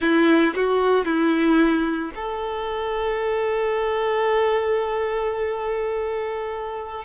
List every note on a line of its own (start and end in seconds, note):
0.01 0.54 E4
0.55 1.05 F#4
1.05 2.11 E4
2.15 7.04 A4